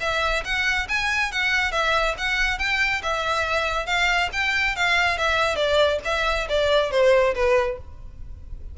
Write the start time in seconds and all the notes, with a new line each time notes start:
0.00 E5
0.44 F#5
0.88 G#5
1.31 F#5
1.71 E5
2.17 F#5
2.58 G5
3.03 E5
3.86 F5
4.32 G5
4.75 F5
5.17 E5
5.56 D5
6.04 E5
6.49 D5
6.91 C5
7.34 B4